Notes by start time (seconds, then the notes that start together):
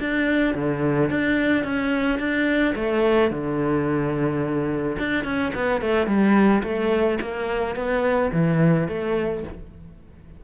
0.00 D4
0.55 D3
1.10 D4
1.64 C#4
2.19 D4
2.75 A3
3.31 D3
4.99 D4
5.25 C#4
5.55 B3
5.81 A3
6.07 G3
6.63 A3
7.21 A#3
7.76 B3
8.33 E3
8.88 A3